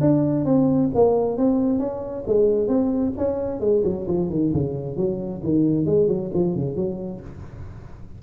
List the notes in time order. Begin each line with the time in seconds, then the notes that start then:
0.00 D4
0.45 C4
0.94 A#3
1.37 C4
1.78 C#4
2.27 G#3
2.68 C4
3.17 C#4
3.60 G#3
3.84 F#3
4.07 F3
4.29 D#3
4.53 C#3
4.96 F#3
5.43 D#3
5.85 G#3
6.08 F#3
6.33 F3
6.55 C#3
6.75 F#3